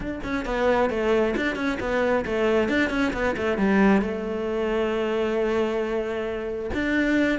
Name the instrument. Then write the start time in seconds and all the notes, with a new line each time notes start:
cello
0.00 D4
0.23 C#4
0.45 B3
0.90 A3
1.36 D4
1.55 C#4
1.80 B3
2.25 A3
2.68 D4
2.90 C#4
3.13 B3
3.36 A3
3.57 G3
4.01 A3
6.74 D4